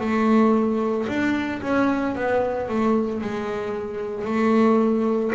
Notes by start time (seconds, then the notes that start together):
0.00 A3
1.08 D4
1.62 C#4
2.15 B3
2.69 A3
3.21 G#3
4.25 A3